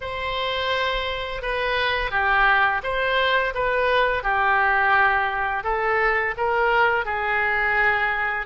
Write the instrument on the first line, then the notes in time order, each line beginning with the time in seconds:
oboe
0.01 C5
1.41 B4
2.10 G4
2.83 C5
3.54 B4
4.23 G4
5.63 A4
6.37 A#4
7.05 G#4